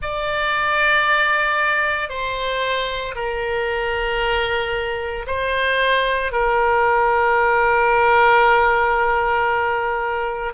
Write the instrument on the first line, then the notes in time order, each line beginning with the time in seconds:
oboe
0.02 D5
2.09 C5
3.15 A#4
5.26 C5
6.32 A#4